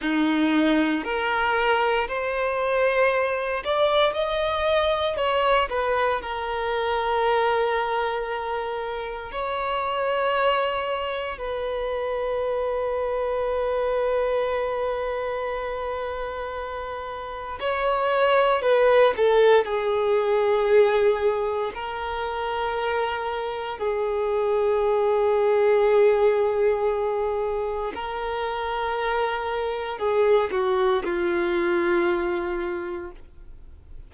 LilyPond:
\new Staff \with { instrumentName = "violin" } { \time 4/4 \tempo 4 = 58 dis'4 ais'4 c''4. d''8 | dis''4 cis''8 b'8 ais'2~ | ais'4 cis''2 b'4~ | b'1~ |
b'4 cis''4 b'8 a'8 gis'4~ | gis'4 ais'2 gis'4~ | gis'2. ais'4~ | ais'4 gis'8 fis'8 f'2 | }